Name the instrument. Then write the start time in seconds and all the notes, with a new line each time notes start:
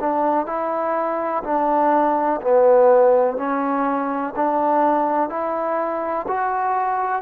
trombone
0.00 D4
0.47 E4
1.44 D4
2.41 B3
3.37 C#4
4.36 D4
5.29 E4
6.28 F#4